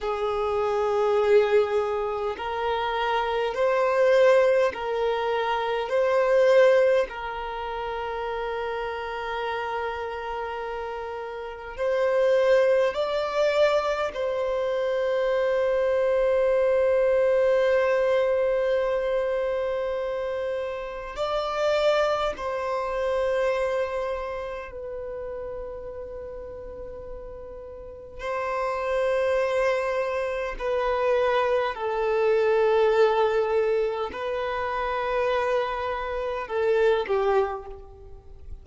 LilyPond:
\new Staff \with { instrumentName = "violin" } { \time 4/4 \tempo 4 = 51 gis'2 ais'4 c''4 | ais'4 c''4 ais'2~ | ais'2 c''4 d''4 | c''1~ |
c''2 d''4 c''4~ | c''4 b'2. | c''2 b'4 a'4~ | a'4 b'2 a'8 g'8 | }